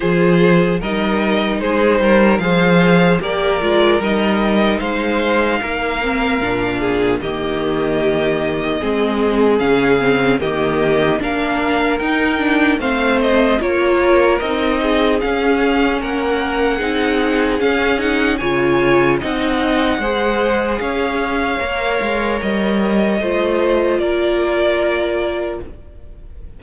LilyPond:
<<
  \new Staff \with { instrumentName = "violin" } { \time 4/4 \tempo 4 = 75 c''4 dis''4 c''4 f''4 | d''4 dis''4 f''2~ | f''4 dis''2. | f''4 dis''4 f''4 g''4 |
f''8 dis''8 cis''4 dis''4 f''4 | fis''2 f''8 fis''8 gis''4 | fis''2 f''2 | dis''2 d''2 | }
  \new Staff \with { instrumentName = "violin" } { \time 4/4 gis'4 ais'4 gis'8 ais'8 c''4 | ais'2 c''4 ais'4~ | ais'8 gis'8 g'2 gis'4~ | gis'4 g'4 ais'2 |
c''4 ais'4. gis'4. | ais'4 gis'2 cis''4 | dis''4 c''4 cis''2~ | cis''4 c''4 ais'2 | }
  \new Staff \with { instrumentName = "viola" } { \time 4/4 f'4 dis'2 gis'4 | g'8 f'8 dis'2~ dis'8 c'8 | d'4 ais2 c'4 | cis'8 c'8 ais4 d'4 dis'8 d'8 |
c'4 f'4 dis'4 cis'4~ | cis'4 dis'4 cis'8 dis'8 f'4 | dis'4 gis'2 ais'4~ | ais'4 f'2. | }
  \new Staff \with { instrumentName = "cello" } { \time 4/4 f4 g4 gis8 g8 f4 | ais8 gis8 g4 gis4 ais4 | ais,4 dis2 gis4 | cis4 dis4 ais4 dis'4 |
a4 ais4 c'4 cis'4 | ais4 c'4 cis'4 cis4 | c'4 gis4 cis'4 ais8 gis8 | g4 a4 ais2 | }
>>